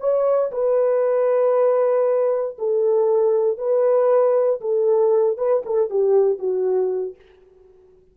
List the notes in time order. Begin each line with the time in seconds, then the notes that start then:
0.00 C#5
0.52 B4
2.58 A4
3.58 B4
4.61 A4
5.38 B4
5.65 A4
5.90 G4
6.39 F#4